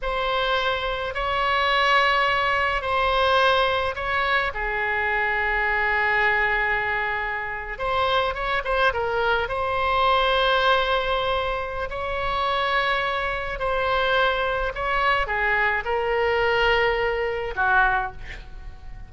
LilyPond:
\new Staff \with { instrumentName = "oboe" } { \time 4/4 \tempo 4 = 106 c''2 cis''2~ | cis''4 c''2 cis''4 | gis'1~ | gis'4.~ gis'16 c''4 cis''8 c''8 ais'16~ |
ais'8. c''2.~ c''16~ | c''4 cis''2. | c''2 cis''4 gis'4 | ais'2. fis'4 | }